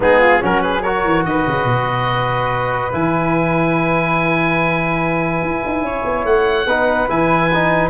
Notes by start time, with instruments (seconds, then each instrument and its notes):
0.00 tuba G#3, trombone B3, flute D#4, oboe G#4
0.19 flute F4
0.39 tuba F#3, trombone C#4, flute F#4, oboe A#4
0.61 flute G#4, oboe B4
0.82 trombone F#4, flute A#4, oboe C#5
1.04 tuba E3
1.24 tuba D#3, flute B4, oboe D#5
1.47 tuba C#3
1.64 tuba B2
2.92 tuba E3, trombone E4, oboe G#5
5.42 tuba E4
5.65 tuba D#4
5.81 tuba C#4, flute C#5
6.04 tuba B3
6.24 tuba A3, oboe F#5
6.66 tuba B3, trombone D#4, flute B4
7.08 tuba E3, trombone E4, oboe G#5
7.53 trombone D#4